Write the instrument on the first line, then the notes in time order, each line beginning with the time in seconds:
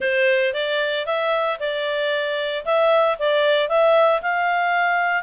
clarinet
0.00 C5
0.53 D5
1.06 E5
1.59 D5
2.65 E5
3.18 D5
3.68 E5
4.22 F5